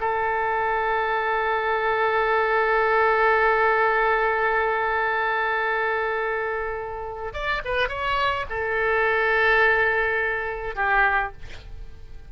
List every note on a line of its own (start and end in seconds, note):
0.00 7.33 A4
7.33 7.62 D5
7.65 7.88 B4
7.88 8.45 C#5
8.49 10.75 A4
10.75 11.32 G4